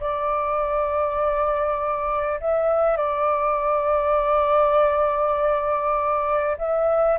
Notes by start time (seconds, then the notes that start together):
0.00 D5
2.41 E5
2.97 D5
6.58 E5